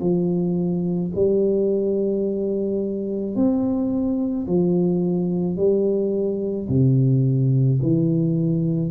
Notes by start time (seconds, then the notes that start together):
0.00 F3
1.15 G3
3.35 C4
4.47 F3
5.57 G3
6.69 C3
7.82 E3